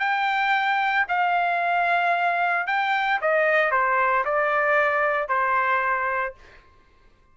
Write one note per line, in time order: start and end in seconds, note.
0.00 1.06 G5
1.09 2.67 F5
2.67 3.20 G5
3.22 3.71 D#5
3.71 4.25 C5
4.25 5.29 D5
5.29 6.35 C5